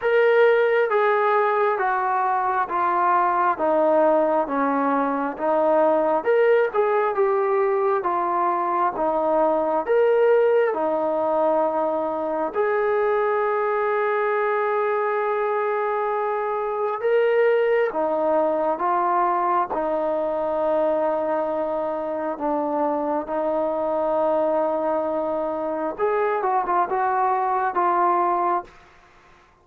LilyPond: \new Staff \with { instrumentName = "trombone" } { \time 4/4 \tempo 4 = 67 ais'4 gis'4 fis'4 f'4 | dis'4 cis'4 dis'4 ais'8 gis'8 | g'4 f'4 dis'4 ais'4 | dis'2 gis'2~ |
gis'2. ais'4 | dis'4 f'4 dis'2~ | dis'4 d'4 dis'2~ | dis'4 gis'8 fis'16 f'16 fis'4 f'4 | }